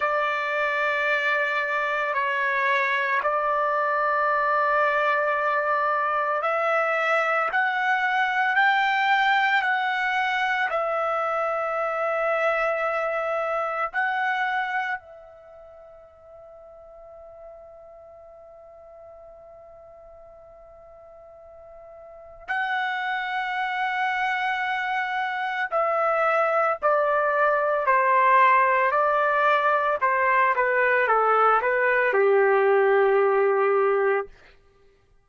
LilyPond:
\new Staff \with { instrumentName = "trumpet" } { \time 4/4 \tempo 4 = 56 d''2 cis''4 d''4~ | d''2 e''4 fis''4 | g''4 fis''4 e''2~ | e''4 fis''4 e''2~ |
e''1~ | e''4 fis''2. | e''4 d''4 c''4 d''4 | c''8 b'8 a'8 b'8 g'2 | }